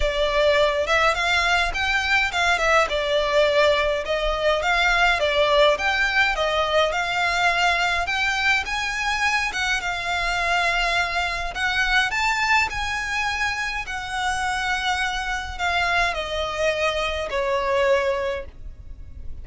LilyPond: \new Staff \with { instrumentName = "violin" } { \time 4/4 \tempo 4 = 104 d''4. e''8 f''4 g''4 | f''8 e''8 d''2 dis''4 | f''4 d''4 g''4 dis''4 | f''2 g''4 gis''4~ |
gis''8 fis''8 f''2. | fis''4 a''4 gis''2 | fis''2. f''4 | dis''2 cis''2 | }